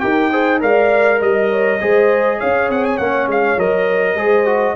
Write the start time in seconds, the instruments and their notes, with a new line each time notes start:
0.00 tuba D#4, trombone G4, horn A#4, trumpet G5
0.30 trombone G#4, horn C5
0.60 tuba G#3, trombone A#4, horn D5, trumpet F5
1.19 tuba G3, horn D#5, trumpet D#5
1.50 horn C#5
1.80 tuba G#3, trombone G#4, horn C5
2.38 tuba C#4, horn C#5, trumpet F5
2.69 tuba C4, trumpet F#5
2.84 trumpet G#5
2.97 tuba A#3, trombone C#4, trumpet F#5
3.27 tuba G#3, trumpet F5
3.56 tuba F#3, trombone A#4, trumpet D#5
4.14 tuba G#3, trombone G#4, horn C5
4.45 trombone F#4